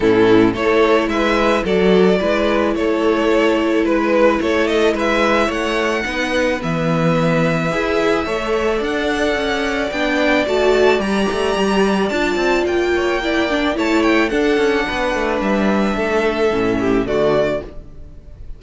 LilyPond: <<
  \new Staff \with { instrumentName = "violin" } { \time 4/4 \tempo 4 = 109 a'4 cis''4 e''4 d''4~ | d''4 cis''2 b'4 | cis''8 dis''8 e''4 fis''2 | e''1 |
fis''2 g''4 a''4 | ais''2 a''4 g''4~ | g''4 a''8 g''8 fis''2 | e''2. d''4 | }
  \new Staff \with { instrumentName = "violin" } { \time 4/4 e'4 a'4 b'4 a'4 | b'4 a'2 b'4 | a'4 b'4 cis''4 b'4~ | b'2. cis''4 |
d''1~ | d''2.~ d''8 cis''8 | d''4 cis''4 a'4 b'4~ | b'4 a'4. g'8 fis'4 | }
  \new Staff \with { instrumentName = "viola" } { \time 4/4 cis'4 e'2 fis'4 | e'1~ | e'2. dis'4 | b2 gis'4 a'4~ |
a'2 d'4 fis'4 | g'2 f'2 | e'8 d'8 e'4 d'2~ | d'2 cis'4 a4 | }
  \new Staff \with { instrumentName = "cello" } { \time 4/4 a,4 a4 gis4 fis4 | gis4 a2 gis4 | a4 gis4 a4 b4 | e2 e'4 a4 |
d'4 cis'4 b4 a4 | g8 a8 g4 d'8 c'8 ais4~ | ais4 a4 d'8 cis'8 b8 a8 | g4 a4 a,4 d4 | }
>>